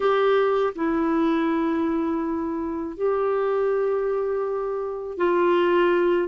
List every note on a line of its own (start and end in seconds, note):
0.00 0.73 G4
0.75 2.96 E4
2.96 5.17 G4
5.17 6.28 F4